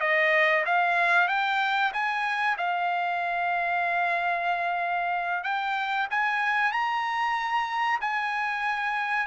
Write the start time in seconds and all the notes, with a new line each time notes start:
0.00 D#5
0.65 F5
1.28 G5
1.93 G#5
2.57 F5
5.43 G5
6.10 G#5
6.72 A#5
8.00 G#5